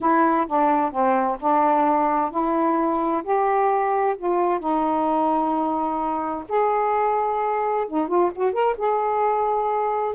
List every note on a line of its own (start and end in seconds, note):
0.00 0.46 E4
0.47 0.91 D4
0.91 1.37 C4
1.40 2.30 D4
2.30 3.23 E4
3.23 4.15 G4
4.17 4.59 F4
4.59 6.44 D#4
6.48 7.87 G#4
7.87 8.08 D#4
8.08 8.31 F4
8.35 8.52 F#4
8.52 8.75 A#4
8.77 10.15 G#4